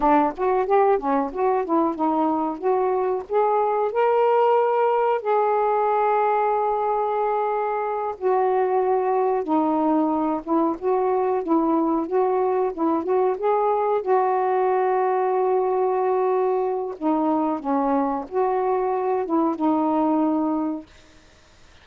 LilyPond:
\new Staff \with { instrumentName = "saxophone" } { \time 4/4 \tempo 4 = 92 d'8 fis'8 g'8 cis'8 fis'8 e'8 dis'4 | fis'4 gis'4 ais'2 | gis'1~ | gis'8 fis'2 dis'4. |
e'8 fis'4 e'4 fis'4 e'8 | fis'8 gis'4 fis'2~ fis'8~ | fis'2 dis'4 cis'4 | fis'4. e'8 dis'2 | }